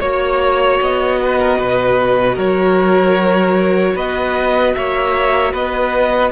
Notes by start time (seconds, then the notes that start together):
0.00 A#3 F#4 C#5
0.81 B3 D#5
1.22 B4
1.39 A#4
1.59 B2 B4
2.35 F#3 A#4 C#5
3.95 B3 B4 D#5
4.75 A#3 C#5 E5
5.52 B3 B4 D#5